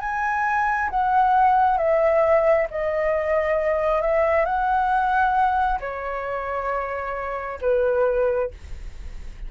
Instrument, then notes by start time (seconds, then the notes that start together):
flute
0.00 G#5
0.90 F#5
1.78 E5
2.70 D#5
4.02 E5
4.45 F#5
5.80 C#5
7.61 B4